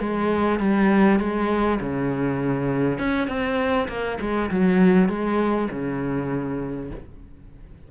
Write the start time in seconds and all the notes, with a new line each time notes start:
0.00 G#3
0.59 G3
1.19 G#3
1.80 C#3
2.99 C#4
3.28 C4
3.88 A#3
4.21 G#3
4.51 F#3
5.09 G#3
5.71 C#3